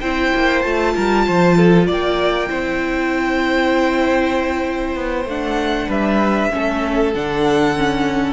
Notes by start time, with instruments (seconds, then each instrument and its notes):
0.00 cello C4, viola E4, violin C5 G5
0.35 cello A#3
0.61 cello A3, viola F4, violin A5
0.94 cello G3, violin A#4
1.26 cello F3, violin C5
1.57 violin A4
1.86 cello A#3, violin D5 G5
2.48 cello C4, viola E4, violin C5
4.95 cello B3
5.25 cello A3, viola D4, violin F#5
5.87 cello G3, violin B4 E5
6.51 cello A3, viola C#4, violin A4
7.14 cello D3, viola D4, violin F#5
7.76 viola C#4